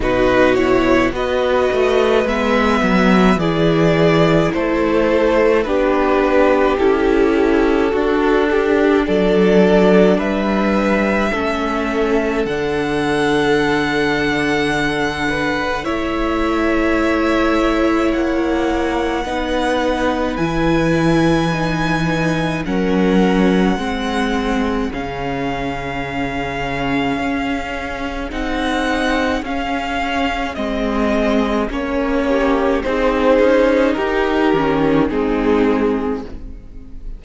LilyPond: <<
  \new Staff \with { instrumentName = "violin" } { \time 4/4 \tempo 4 = 53 b'8 cis''8 dis''4 e''4 d''4 | c''4 b'4 a'2 | d''4 e''2 fis''4~ | fis''2 e''2 |
fis''2 gis''2 | fis''2 f''2~ | f''4 fis''4 f''4 dis''4 | cis''4 c''4 ais'4 gis'4 | }
  \new Staff \with { instrumentName = "violin" } { \time 4/4 fis'4 b'2 gis'4 | a'4 g'2 fis'8 g'8 | a'4 b'4 a'2~ | a'4. b'8 cis''2~ |
cis''4 b'2. | ais'4 gis'2.~ | gis'1~ | gis'8 g'8 gis'4 g'4 dis'4 | }
  \new Staff \with { instrumentName = "viola" } { \time 4/4 dis'8 e'8 fis'4 b4 e'4~ | e'4 d'4 e'4 d'4~ | d'2 cis'4 d'4~ | d'2 e'2~ |
e'4 dis'4 e'4 dis'4 | cis'4 c'4 cis'2~ | cis'4 dis'4 cis'4 c'4 | cis'4 dis'4. cis'8 c'4 | }
  \new Staff \with { instrumentName = "cello" } { \time 4/4 b,4 b8 a8 gis8 fis8 e4 | a4 b4 cis'4 d'4 | fis4 g4 a4 d4~ | d2 a2 |
ais4 b4 e2 | fis4 gis4 cis2 | cis'4 c'4 cis'4 gis4 | ais4 c'8 cis'8 dis'8 dis8 gis4 | }
>>